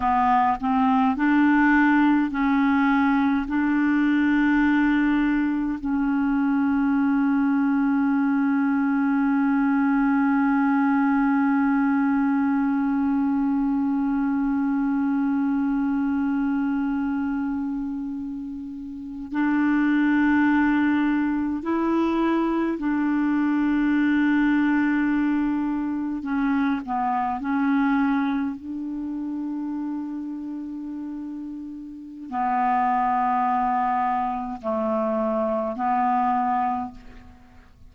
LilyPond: \new Staff \with { instrumentName = "clarinet" } { \time 4/4 \tempo 4 = 52 b8 c'8 d'4 cis'4 d'4~ | d'4 cis'2.~ | cis'1~ | cis'1~ |
cis'8. d'2 e'4 d'16~ | d'2~ d'8. cis'8 b8 cis'16~ | cis'8. d'2.~ d'16 | b2 a4 b4 | }